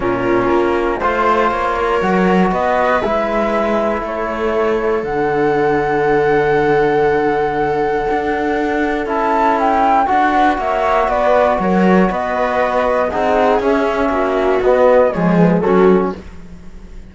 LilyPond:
<<
  \new Staff \with { instrumentName = "flute" } { \time 4/4 \tempo 4 = 119 ais'2 c''4 cis''4~ | cis''4 dis''4 e''2 | cis''2 fis''2~ | fis''1~ |
fis''2 a''4 g''4 | fis''4 e''4 d''4 cis''4 | dis''2 fis''4 e''4~ | e''4 dis''4 cis''8 b'8 a'4 | }
  \new Staff \with { instrumentName = "viola" } { \time 4/4 f'2 c''4. ais'8~ | ais'4 b'2. | a'1~ | a'1~ |
a'1~ | a'8 b'8 cis''4 b'4 ais'4 | b'2 gis'2 | fis'2 gis'4 fis'4 | }
  \new Staff \with { instrumentName = "trombone" } { \time 4/4 cis'2 f'2 | fis'2 e'2~ | e'2 d'2~ | d'1~ |
d'2 e'2 | fis'1~ | fis'2 dis'4 cis'4~ | cis'4 b4 gis4 cis'4 | }
  \new Staff \with { instrumentName = "cello" } { \time 4/4 ais,4 ais4 a4 ais4 | fis4 b4 gis2 | a2 d2~ | d1 |
d'2 cis'2 | d'4 ais4 b4 fis4 | b2 c'4 cis'4 | ais4 b4 f4 fis4 | }
>>